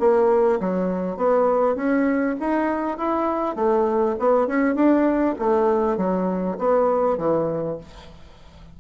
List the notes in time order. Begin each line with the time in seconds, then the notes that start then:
0.00 A#3
0.60 F#3
1.17 B3
1.76 C#4
2.40 D#4
2.98 E4
3.56 A3
4.19 B3
4.48 C#4
4.75 D4
5.39 A3
5.97 F#3
6.59 B3
7.18 E3